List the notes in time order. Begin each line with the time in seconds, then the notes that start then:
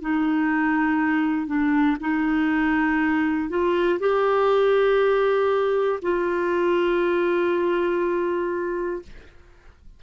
0.00 D#4
1.46 D4
2.00 D#4
3.49 F4
3.99 G4
6.01 F4